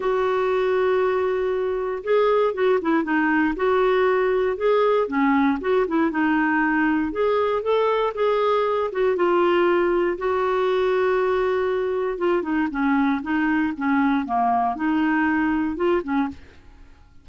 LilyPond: \new Staff \with { instrumentName = "clarinet" } { \time 4/4 \tempo 4 = 118 fis'1 | gis'4 fis'8 e'8 dis'4 fis'4~ | fis'4 gis'4 cis'4 fis'8 e'8 | dis'2 gis'4 a'4 |
gis'4. fis'8 f'2 | fis'1 | f'8 dis'8 cis'4 dis'4 cis'4 | ais4 dis'2 f'8 cis'8 | }